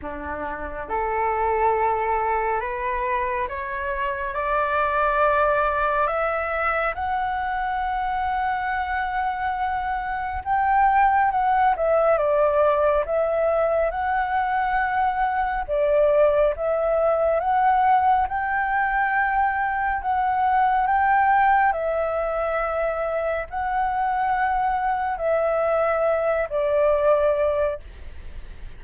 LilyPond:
\new Staff \with { instrumentName = "flute" } { \time 4/4 \tempo 4 = 69 d'4 a'2 b'4 | cis''4 d''2 e''4 | fis''1 | g''4 fis''8 e''8 d''4 e''4 |
fis''2 d''4 e''4 | fis''4 g''2 fis''4 | g''4 e''2 fis''4~ | fis''4 e''4. d''4. | }